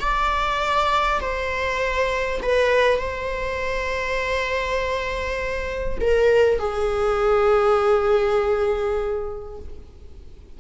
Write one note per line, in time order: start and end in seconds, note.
0.00 1.20 D5
1.21 2.41 C5
2.42 2.99 B4
2.99 5.99 C5
6.01 6.59 A#4
6.59 9.59 G#4